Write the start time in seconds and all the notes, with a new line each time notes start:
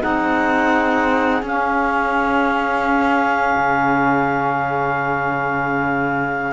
0.00 C4 D#4 G#4 F#5
1.42 C#4 F5
3.56 C#3